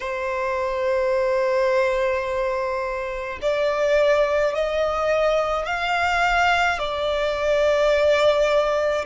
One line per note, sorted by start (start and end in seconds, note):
0.00 3.39 C5
3.41 4.54 D5
4.54 5.66 D#5
5.66 6.79 F5
6.79 9.05 D5